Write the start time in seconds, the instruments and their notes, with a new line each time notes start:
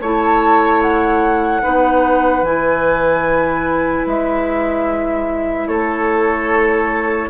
0.00 bassoon A3, clarinet E4, oboe C#5, flute A5
0.82 flute F#5
1.61 bassoon B3, clarinet D#4, oboe B4
2.42 bassoon E3, clarinet E4, flute G#5
4.05 bassoon G#3, flute E5
5.67 bassoon A3, oboe A4, flute C#5